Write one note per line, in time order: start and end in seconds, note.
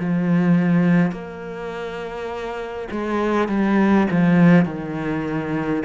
0.00 1.12 F3
1.12 2.88 A#3
2.91 3.49 G#3
3.49 4.07 G3
4.11 4.65 F3
4.65 5.83 D#3